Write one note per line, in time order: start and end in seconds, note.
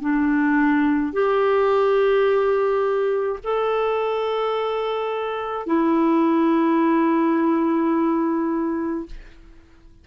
0.00 1.13 D4
1.13 3.39 G4
3.43 5.66 A4
5.66 9.06 E4